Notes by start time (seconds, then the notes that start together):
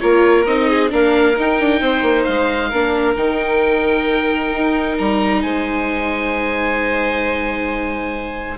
0.00 A#3 F4 A#4 C#5
0.45 C4 D#4 D#5
0.69 G#4
0.89 A#3 D4 A#4 F5
1.36 D#4 G5
1.60 D4
1.81 C4 C5
2.02 A#3
2.23 G#3 F5
2.69 A#3 D4 A#4
3.15 D#3 D#4 G5
4.52 D#4
4.98 G3 A#5
5.42 G#3 C5 G#5